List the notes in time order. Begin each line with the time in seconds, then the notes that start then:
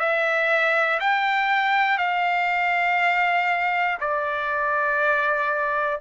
0.00 E5
1.00 G5
1.98 F5
4.00 D5